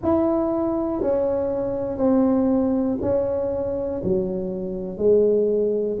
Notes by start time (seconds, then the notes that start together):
0.02 E4
1.01 C#4
1.97 C4
3.01 C#4
4.03 F#3
4.97 G#3